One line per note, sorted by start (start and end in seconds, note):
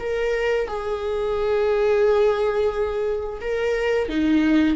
0.00 0.68 A#4
0.68 3.41 G#4
3.41 4.09 A#4
4.09 4.76 D#4